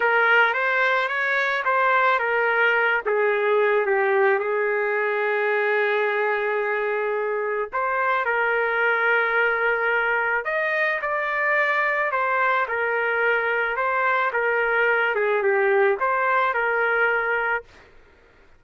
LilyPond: \new Staff \with { instrumentName = "trumpet" } { \time 4/4 \tempo 4 = 109 ais'4 c''4 cis''4 c''4 | ais'4. gis'4. g'4 | gis'1~ | gis'2 c''4 ais'4~ |
ais'2. dis''4 | d''2 c''4 ais'4~ | ais'4 c''4 ais'4. gis'8 | g'4 c''4 ais'2 | }